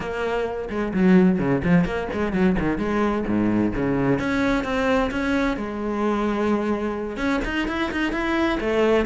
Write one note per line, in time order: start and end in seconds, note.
0.00 0.68 A#3
0.69 0.92 G#3
0.93 1.38 F#3
1.38 1.62 C#3
1.64 1.84 F3
1.84 2.08 A#3
2.13 2.32 G#3
2.32 2.56 F#3
2.59 2.77 D#3
2.77 3.24 G#3
3.26 3.73 G#2
3.75 4.19 C#3
4.19 4.64 C#4
4.64 5.10 C4
5.10 5.56 C#4
5.56 7.16 G#3
7.16 7.40 C#4
7.44 7.67 D#4
7.67 7.91 E4
7.91 8.12 D#4
8.12 8.58 E4
8.60 9.05 A3